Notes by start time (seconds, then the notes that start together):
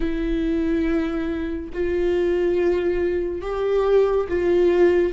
0.00 E4
1.73 F4
3.41 G4
4.28 F4